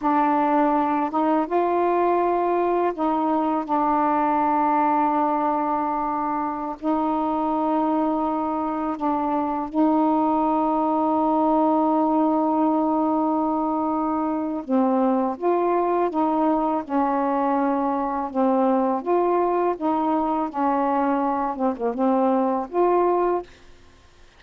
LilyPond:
\new Staff \with { instrumentName = "saxophone" } { \time 4/4 \tempo 4 = 82 d'4. dis'8 f'2 | dis'4 d'2.~ | d'4~ d'16 dis'2~ dis'8.~ | dis'16 d'4 dis'2~ dis'8.~ |
dis'1 | c'4 f'4 dis'4 cis'4~ | cis'4 c'4 f'4 dis'4 | cis'4. c'16 ais16 c'4 f'4 | }